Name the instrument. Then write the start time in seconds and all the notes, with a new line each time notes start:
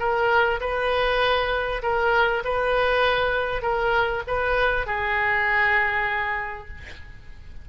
oboe
0.00 A#4
0.61 B4
1.83 A#4
2.45 B4
3.63 A#4
4.28 B4
4.87 G#4